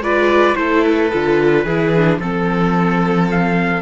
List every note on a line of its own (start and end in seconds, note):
0.00 0.55 G#3
0.00 0.56 F4
0.00 0.57 B4
0.00 0.56 D5
0.56 1.12 A3
0.56 1.11 E4
0.56 1.65 A4
0.56 0.84 C5
0.84 2.20 B4
1.12 1.65 D3
1.12 1.67 F4
1.65 2.19 E3
1.65 1.96 E4
1.65 2.19 G#4
1.96 2.22 D4
2.19 3.82 F3
2.19 3.82 C4
2.19 3.29 A4
2.19 3.82 A4
3.31 3.82 F5